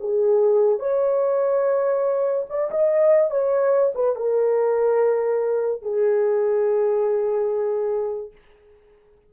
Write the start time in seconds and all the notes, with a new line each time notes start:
0.00 G#4
0.79 C#5
2.50 D5
2.71 D#5
3.30 C#5
3.95 B4
4.16 A#4
5.82 G#4